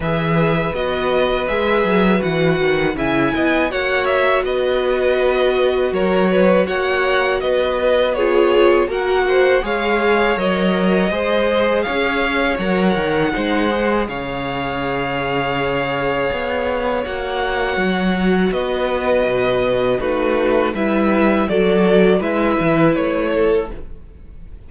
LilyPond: <<
  \new Staff \with { instrumentName = "violin" } { \time 4/4 \tempo 4 = 81 e''4 dis''4 e''4 fis''4 | gis''4 fis''8 e''8 dis''2 | cis''4 fis''4 dis''4 cis''4 | fis''4 f''4 dis''2 |
f''4 fis''2 f''4~ | f''2. fis''4~ | fis''4 dis''2 b'4 | e''4 d''4 e''4 cis''4 | }
  \new Staff \with { instrumentName = "violin" } { \time 4/4 b'1 | e''8 dis''8 cis''4 b'2 | ais'8 b'8 cis''4 b'4 gis'4 | ais'8 c''8 cis''2 c''4 |
cis''2 c''4 cis''4~ | cis''1~ | cis''4 b'2 fis'4 | b'4 a'4 b'4. a'8 | }
  \new Staff \with { instrumentName = "viola" } { \time 4/4 gis'4 fis'4 gis'4 fis'4 | e'4 fis'2.~ | fis'2. f'4 | fis'4 gis'4 ais'4 gis'4~ |
gis'4 ais'4 dis'8 gis'4.~ | gis'2. fis'4~ | fis'2. dis'4 | e'4 fis'4 e'2 | }
  \new Staff \with { instrumentName = "cello" } { \time 4/4 e4 b4 gis8 fis8 e8 dis8 | cis8 b8 ais4 b2 | fis4 ais4 b2 | ais4 gis4 fis4 gis4 |
cis'4 fis8 dis8 gis4 cis4~ | cis2 b4 ais4 | fis4 b4 b,4 a4 | g4 fis4 gis8 e8 a4 | }
>>